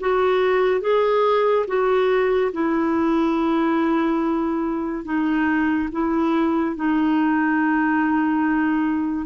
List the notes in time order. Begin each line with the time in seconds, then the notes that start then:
0.00 F#4
0.81 G#4
1.67 F#4
2.53 E4
5.05 D#4
5.92 E4
6.76 D#4